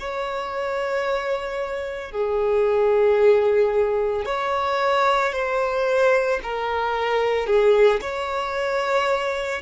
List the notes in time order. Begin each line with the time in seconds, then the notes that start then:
0.00 C#5
2.11 G#4
4.26 C#5
5.33 C5
6.43 A#4
7.47 G#4
8.01 C#5